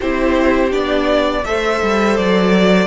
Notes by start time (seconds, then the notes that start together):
0.00 C4 E4 G4 C5
0.70 B3 D4 D5
1.45 A3 A4 C5 E5
1.82 G3
2.16 F#3 D5